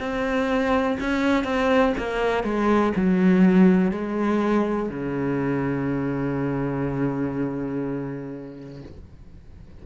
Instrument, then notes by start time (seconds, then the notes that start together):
cello
0.00 C4
1.00 C#4
1.44 C4
1.98 A#3
2.44 G#3
2.96 F#3
3.92 G#3
4.90 C#3